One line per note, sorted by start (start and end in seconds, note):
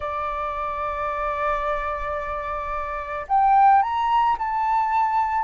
0.00 3.26 D5
3.27 3.82 G5
3.82 4.36 A#5
4.38 5.43 A5